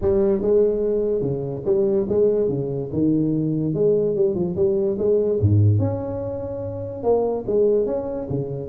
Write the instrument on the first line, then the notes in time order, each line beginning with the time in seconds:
tuba
0.01 G3
0.41 G#3
1.21 C#3
1.65 G3
2.08 G#3
2.48 C#3
2.92 D#3
3.74 G#3
4.15 G3
4.34 F3
4.56 G3
4.98 G#3
5.40 G#2
5.79 C#4
7.03 A#3
7.47 G#3
7.86 C#4
8.29 C#3